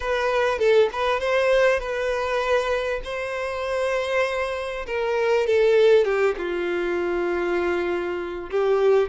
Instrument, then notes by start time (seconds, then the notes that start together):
violin
0.00 B4
0.59 A4
0.92 B4
1.20 C5
1.79 B4
3.04 C5
4.86 A#4
5.47 A4
6.04 G4
6.37 F4
8.50 G4